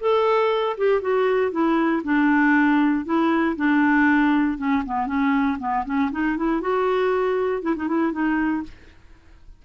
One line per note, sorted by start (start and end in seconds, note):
0.00 0.76 A4
0.77 1.01 G4
1.01 1.51 F#4
1.51 2.02 E4
2.03 3.05 D4
3.05 3.55 E4
3.56 4.57 D4
4.57 4.83 C#4
4.85 5.06 B3
5.06 5.57 C#4
5.59 5.84 B3
5.85 6.10 C#4
6.11 6.37 D#4
6.37 6.61 E4
6.61 7.62 F#4
7.62 7.75 E4
7.76 7.87 D#4
7.87 8.12 E4
8.12 8.63 D#4